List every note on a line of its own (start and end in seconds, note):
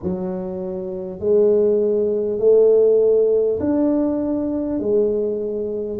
0.03 1.19 F#3
1.19 2.38 G#3
2.38 3.58 A3
3.60 4.79 D4
4.79 5.99 G#3